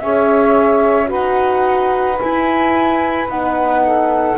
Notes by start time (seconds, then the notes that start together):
0.00 C#4 G#4 C#5 E5
1.06 D#4 F#4 B4 F#5
2.19 E4 G#5
3.28 B3 D#4 F#5
3.84 A4